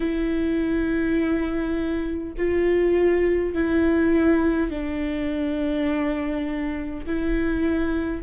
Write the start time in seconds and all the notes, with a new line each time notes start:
0.00 E4
2.37 F4
3.54 E4
4.70 D4
7.06 E4